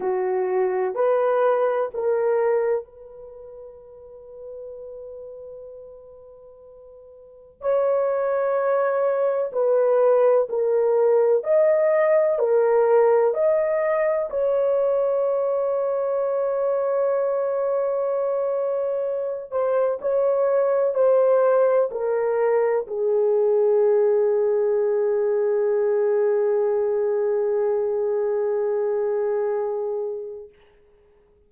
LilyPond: \new Staff \with { instrumentName = "horn" } { \time 4/4 \tempo 4 = 63 fis'4 b'4 ais'4 b'4~ | b'1 | cis''2 b'4 ais'4 | dis''4 ais'4 dis''4 cis''4~ |
cis''1~ | cis''8 c''8 cis''4 c''4 ais'4 | gis'1~ | gis'1 | }